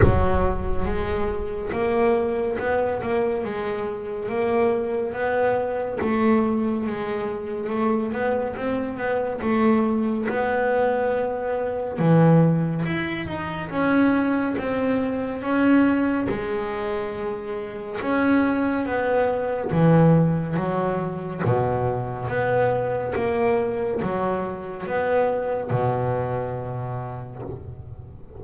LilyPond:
\new Staff \with { instrumentName = "double bass" } { \time 4/4 \tempo 4 = 70 fis4 gis4 ais4 b8 ais8 | gis4 ais4 b4 a4 | gis4 a8 b8 c'8 b8 a4 | b2 e4 e'8 dis'8 |
cis'4 c'4 cis'4 gis4~ | gis4 cis'4 b4 e4 | fis4 b,4 b4 ais4 | fis4 b4 b,2 | }